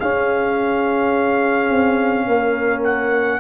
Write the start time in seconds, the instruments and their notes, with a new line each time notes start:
0.00 tuba C#4, trombone C#4, horn G#4, trumpet F5
1.70 tuba C4
2.27 tuba A#3, horn A#4
2.84 trumpet F#5